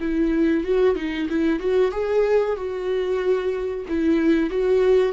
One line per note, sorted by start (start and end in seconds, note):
0.00 0.65 E4
0.65 0.96 F#4
0.96 1.28 D#4
1.29 1.60 E4
1.60 1.92 F#4
1.92 2.57 G#4
2.57 3.86 F#4
3.89 4.50 E4
4.50 5.13 F#4